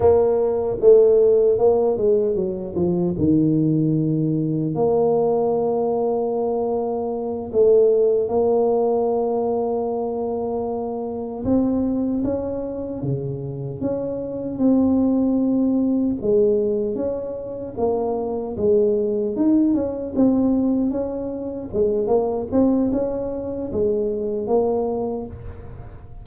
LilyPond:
\new Staff \with { instrumentName = "tuba" } { \time 4/4 \tempo 4 = 76 ais4 a4 ais8 gis8 fis8 f8 | dis2 ais2~ | ais4. a4 ais4.~ | ais2~ ais8 c'4 cis'8~ |
cis'8 cis4 cis'4 c'4.~ | c'8 gis4 cis'4 ais4 gis8~ | gis8 dis'8 cis'8 c'4 cis'4 gis8 | ais8 c'8 cis'4 gis4 ais4 | }